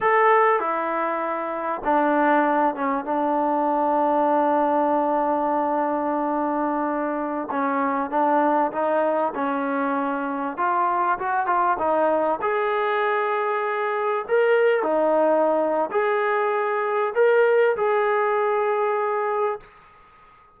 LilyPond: \new Staff \with { instrumentName = "trombone" } { \time 4/4 \tempo 4 = 98 a'4 e'2 d'4~ | d'8 cis'8 d'2.~ | d'1~ | d'16 cis'4 d'4 dis'4 cis'8.~ |
cis'4~ cis'16 f'4 fis'8 f'8 dis'8.~ | dis'16 gis'2. ais'8.~ | ais'16 dis'4.~ dis'16 gis'2 | ais'4 gis'2. | }